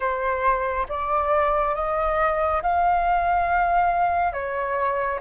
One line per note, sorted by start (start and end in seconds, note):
0.00 0.87 C5
0.89 1.74 D5
1.74 2.61 D#5
2.62 4.32 F5
4.32 5.19 C#5